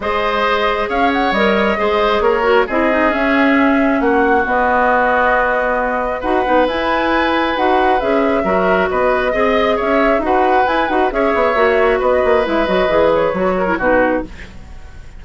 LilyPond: <<
  \new Staff \with { instrumentName = "flute" } { \time 4/4 \tempo 4 = 135 dis''2 f''8 fis''8 dis''4~ | dis''4 cis''4 dis''4 e''4~ | e''4 fis''4 dis''2~ | dis''2 fis''4 gis''4~ |
gis''4 fis''4 e''2 | dis''2 e''4 fis''4 | gis''8 fis''8 e''2 dis''4 | e''8 dis''4 cis''4. b'4 | }
  \new Staff \with { instrumentName = "oboe" } { \time 4/4 c''2 cis''2 | c''4 ais'4 gis'2~ | gis'4 fis'2.~ | fis'2 b'2~ |
b'2. ais'4 | b'4 dis''4 cis''4 b'4~ | b'4 cis''2 b'4~ | b'2~ b'8 ais'8 fis'4 | }
  \new Staff \with { instrumentName = "clarinet" } { \time 4/4 gis'2. ais'4 | gis'4. fis'8 e'8 dis'8 cis'4~ | cis'2 b2~ | b2 fis'8 dis'8 e'4~ |
e'4 fis'4 gis'4 fis'4~ | fis'4 gis'2 fis'4 | e'8 fis'8 gis'4 fis'2 | e'8 fis'8 gis'4 fis'8. e'16 dis'4 | }
  \new Staff \with { instrumentName = "bassoon" } { \time 4/4 gis2 cis'4 g4 | gis4 ais4 c'4 cis'4~ | cis'4 ais4 b2~ | b2 dis'8 b8 e'4~ |
e'4 dis'4 cis'4 fis4 | b4 c'4 cis'4 dis'4 | e'8 dis'8 cis'8 b8 ais4 b8 ais8 | gis8 fis8 e4 fis4 b,4 | }
>>